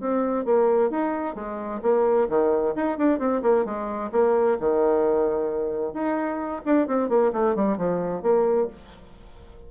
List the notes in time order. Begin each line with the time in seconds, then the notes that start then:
0.00 C4
0.45 A#3
0.90 D#4
1.35 G#3
1.82 A#3
2.29 D#3
2.75 D#4
2.98 D4
3.19 C4
3.42 A#3
3.65 G#3
4.12 A#3
4.60 D#3
5.93 D#4
6.65 D4
6.87 C4
7.09 A#3
7.33 A3
7.56 G3
7.77 F3
8.22 A#3